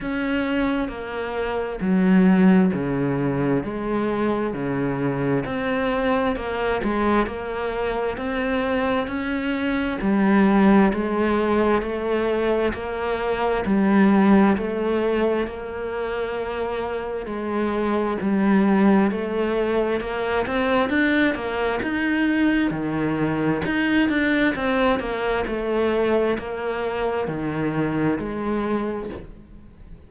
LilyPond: \new Staff \with { instrumentName = "cello" } { \time 4/4 \tempo 4 = 66 cis'4 ais4 fis4 cis4 | gis4 cis4 c'4 ais8 gis8 | ais4 c'4 cis'4 g4 | gis4 a4 ais4 g4 |
a4 ais2 gis4 | g4 a4 ais8 c'8 d'8 ais8 | dis'4 dis4 dis'8 d'8 c'8 ais8 | a4 ais4 dis4 gis4 | }